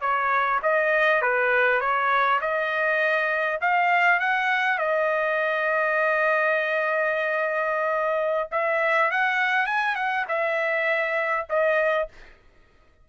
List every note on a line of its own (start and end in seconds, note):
0.00 0.59 C#5
0.62 1.21 D#5
1.21 1.80 B4
1.80 2.40 C#5
2.41 3.59 D#5
3.60 4.19 F5
4.19 4.78 F#5
4.78 8.49 D#5
8.51 9.11 E5
9.11 9.66 F#5
9.66 9.95 G#5
9.95 10.25 F#5
10.28 11.47 E5
11.49 12.08 D#5